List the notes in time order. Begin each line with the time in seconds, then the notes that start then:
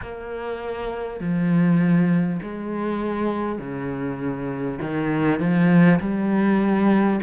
0.01 A#3
1.20 F3
2.42 G#3
3.58 C#3
4.81 D#3
5.39 F3
5.99 G3